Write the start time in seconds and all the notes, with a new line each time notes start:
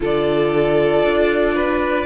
0.00 D3 F4 A4 D5
1.03 D4
1.55 B4